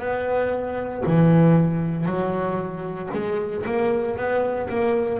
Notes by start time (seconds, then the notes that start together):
0.00 B3
1.06 E3
2.06 F#3
3.13 G#3
3.66 A#3
4.17 B3
4.69 A#3